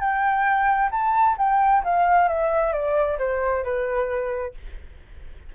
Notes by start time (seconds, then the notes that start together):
0.00 G5
0.91 A5
1.38 G5
1.84 F5
2.29 E5
2.73 D5
3.19 C5
3.64 B4